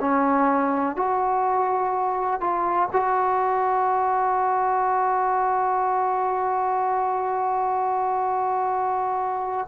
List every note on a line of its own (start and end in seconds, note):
0.00 0.96 C#4
0.96 2.41 F#4
2.41 2.89 F4
2.92 9.68 F#4